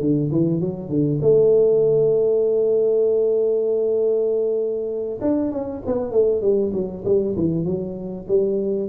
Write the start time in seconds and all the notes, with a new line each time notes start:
0.00 D3
0.31 E3
0.60 F#3
0.89 D3
1.22 A3
5.21 D4
5.51 C#4
5.86 B3
6.11 A3
6.41 G3
6.73 F#3
7.04 G3
7.36 E3
7.65 F#3
8.28 G3